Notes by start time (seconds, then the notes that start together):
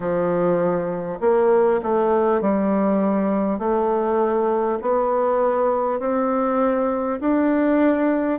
0.00 F3
1.20 A#3
1.82 A3
2.41 G3
3.58 A3
4.81 B3
5.99 C4
7.20 D4